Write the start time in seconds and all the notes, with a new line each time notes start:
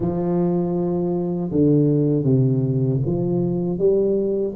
0.00 F3
1.51 D3
2.24 C3
3.05 F3
3.78 G3